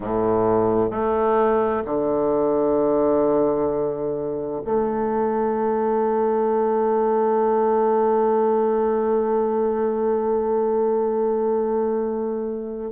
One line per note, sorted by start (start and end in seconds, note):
0.00 0.90 A2
0.90 1.83 A3
1.85 4.62 D3
4.64 12.91 A3